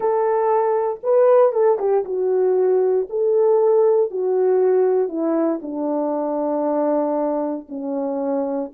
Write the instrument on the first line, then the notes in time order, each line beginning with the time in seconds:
horn
0.00 A4
1.03 B4
1.52 A4
1.78 G4
2.04 F#4
3.09 A4
4.10 F#4
5.08 E4
5.62 D4
7.68 C#4